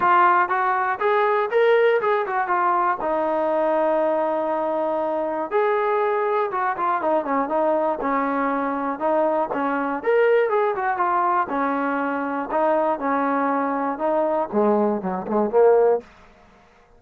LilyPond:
\new Staff \with { instrumentName = "trombone" } { \time 4/4 \tempo 4 = 120 f'4 fis'4 gis'4 ais'4 | gis'8 fis'8 f'4 dis'2~ | dis'2. gis'4~ | gis'4 fis'8 f'8 dis'8 cis'8 dis'4 |
cis'2 dis'4 cis'4 | ais'4 gis'8 fis'8 f'4 cis'4~ | cis'4 dis'4 cis'2 | dis'4 gis4 fis8 gis8 ais4 | }